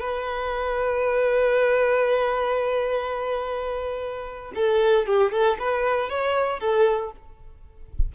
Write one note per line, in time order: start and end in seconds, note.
0.00 4.53 B4
4.55 5.06 A4
5.06 5.32 G4
5.32 5.58 A4
5.59 6.09 B4
6.09 6.60 C#5
6.60 7.12 A4